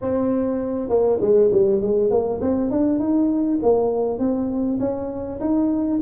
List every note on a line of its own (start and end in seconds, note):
0.01 0.89 C4
0.89 1.19 A#3
1.21 1.51 G#3
1.52 1.81 G3
1.81 2.10 G#3
2.10 2.40 A#3
2.41 2.70 C4
2.70 2.99 D4
2.99 3.59 D#4
3.62 4.18 A#3
4.18 4.78 C4
4.79 5.39 C#4
5.40 6.00 D#4